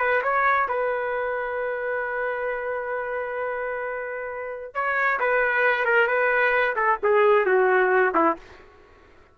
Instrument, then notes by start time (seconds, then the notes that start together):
trumpet
0.00 B4
0.23 C#5
0.69 B4
4.75 C#5
5.20 B4
5.85 A#4
6.08 B4
6.76 A4
7.04 G#4
7.46 F#4
8.15 E4